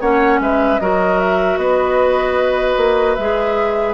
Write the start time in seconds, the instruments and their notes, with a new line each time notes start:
0.00 bassoon A#3, clarinet C#4, oboe C#5, flute F#5
0.39 bassoon G#3, oboe B4, flute E5
0.79 bassoon F#3, clarinet F#4, oboe A#4, flute D#5
1.18 flute E5
1.57 bassoon B3, oboe B4, flute D#5
2.77 bassoon A#3
3.14 bassoon G#3, clarinet G#4, flute E5